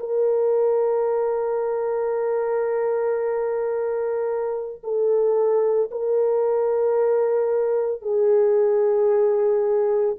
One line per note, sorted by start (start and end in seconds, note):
0.00 4.82 A#4
4.84 5.91 A4
5.91 8.03 A#4
8.03 10.17 G#4